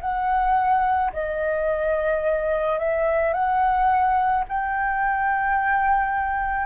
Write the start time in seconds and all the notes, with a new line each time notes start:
0.00 F#5
1.13 D#5
2.78 E5
3.33 F#5
4.48 G5